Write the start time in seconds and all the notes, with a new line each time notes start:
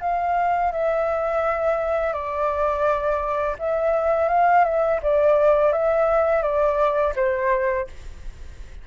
0.00 F5
0.72 E5
2.13 D5
3.58 E5
4.28 F5
4.64 E5
5.02 D5
5.72 E5
6.42 D5
7.15 C5